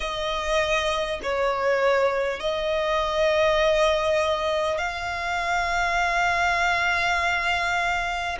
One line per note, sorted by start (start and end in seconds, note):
0.00 1.20 D#5
1.23 2.39 C#5
2.39 4.77 D#5
4.77 8.37 F5